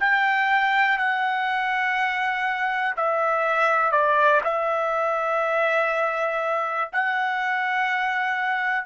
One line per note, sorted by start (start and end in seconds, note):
0.00 0.98 G5
0.98 2.95 F#5
2.96 3.92 E5
3.92 4.41 D5
4.44 6.90 E5
6.93 8.86 F#5